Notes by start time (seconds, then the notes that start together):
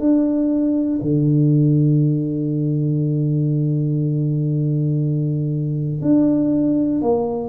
0.00 D4
1.02 D3
6.02 D4
7.02 A#3